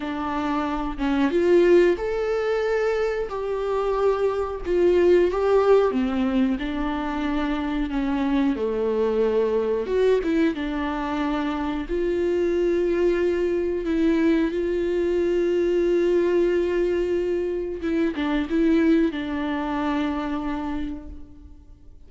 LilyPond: \new Staff \with { instrumentName = "viola" } { \time 4/4 \tempo 4 = 91 d'4. cis'8 f'4 a'4~ | a'4 g'2 f'4 | g'4 c'4 d'2 | cis'4 a2 fis'8 e'8 |
d'2 f'2~ | f'4 e'4 f'2~ | f'2. e'8 d'8 | e'4 d'2. | }